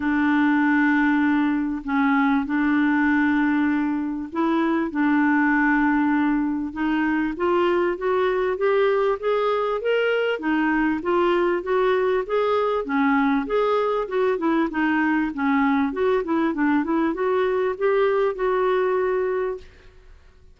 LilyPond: \new Staff \with { instrumentName = "clarinet" } { \time 4/4 \tempo 4 = 98 d'2. cis'4 | d'2. e'4 | d'2. dis'4 | f'4 fis'4 g'4 gis'4 |
ais'4 dis'4 f'4 fis'4 | gis'4 cis'4 gis'4 fis'8 e'8 | dis'4 cis'4 fis'8 e'8 d'8 e'8 | fis'4 g'4 fis'2 | }